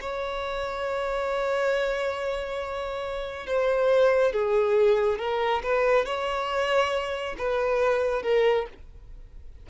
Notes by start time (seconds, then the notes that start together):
0.00 C#5
3.46 C5
4.32 G#4
5.18 A#4
5.63 B4
6.05 C#5
7.38 B4
8.22 A#4